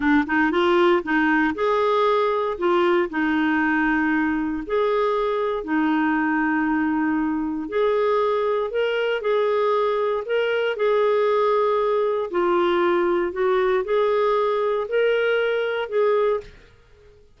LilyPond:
\new Staff \with { instrumentName = "clarinet" } { \time 4/4 \tempo 4 = 117 d'8 dis'8 f'4 dis'4 gis'4~ | gis'4 f'4 dis'2~ | dis'4 gis'2 dis'4~ | dis'2. gis'4~ |
gis'4 ais'4 gis'2 | ais'4 gis'2. | f'2 fis'4 gis'4~ | gis'4 ais'2 gis'4 | }